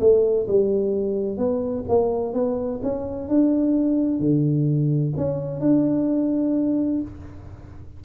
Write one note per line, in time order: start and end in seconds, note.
0.00 0.47 A3
0.48 1.38 G3
1.38 1.85 B3
1.88 2.34 A#3
2.34 2.81 B3
2.83 3.29 C#4
3.29 4.20 D4
4.20 5.13 D3
5.17 5.61 C#4
5.61 7.01 D4